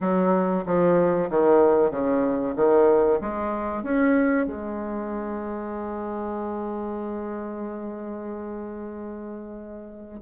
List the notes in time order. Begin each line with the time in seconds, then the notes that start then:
0.01 F#3
0.66 F3
1.30 D#3
1.90 C#3
2.55 D#3
3.20 G#3
3.83 C#4
4.46 G#3